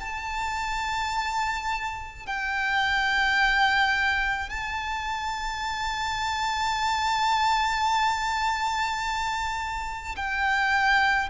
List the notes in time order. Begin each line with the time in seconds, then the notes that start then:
0.00 A5
2.26 G5
4.50 A5
10.16 G5